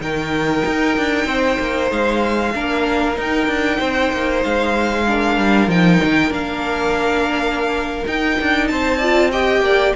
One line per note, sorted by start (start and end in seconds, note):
0.00 0.63 D#3
0.00 2.53 D#4
0.00 1.26 A#4
0.00 1.91 G5
0.66 0.97 D#4
0.97 1.25 D4
1.25 1.57 C4
1.25 2.52 C5
1.59 1.91 A#3
1.91 2.54 G#3
1.91 3.19 F5
2.54 3.17 A#3
2.54 3.14 D4
2.54 3.78 A#4
3.14 5.04 D#4
3.14 3.47 D#4
3.14 4.43 G5
3.47 3.78 D4
3.78 4.12 C4
3.78 5.05 C5
4.12 4.44 A#3
4.43 5.37 G#3
4.43 5.70 F5
5.07 5.69 D4
5.07 8.71 A#4
5.37 5.67 G3
5.67 5.99 F3
5.67 6.30 D#4
5.67 6.33 G5
6.03 6.31 D#3
6.30 8.04 A#3
6.30 8.04 D4
6.30 8.07 F5
8.07 9.01 D#4
8.07 8.39 D#4
8.07 8.67 G5
8.41 8.70 D4
8.67 9.61 C4
8.67 8.98 C5
8.67 9.31 A5
8.98 9.32 F4
8.98 9.29 D5
9.31 9.95 G4
9.31 9.63 D#5
9.31 9.95 G5
9.61 9.92 A#3
9.61 9.96 D5